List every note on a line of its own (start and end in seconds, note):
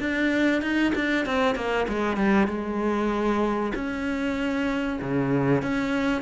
0.00 0.62 D4
0.62 0.93 D#4
0.95 1.26 D4
1.26 1.56 C4
1.56 1.87 A#3
1.88 2.17 G#3
2.17 2.48 G3
2.48 3.73 G#3
3.75 5.00 C#4
5.02 5.62 C#3
5.62 6.22 C#4